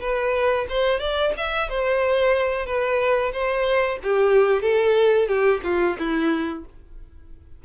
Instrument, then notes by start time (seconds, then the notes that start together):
violin
0.00 B4
0.69 C5
1.00 D5
1.37 E5
1.69 C5
2.66 B4
3.33 C5
4.03 G4
4.62 A4
5.27 G4
5.63 F4
5.99 E4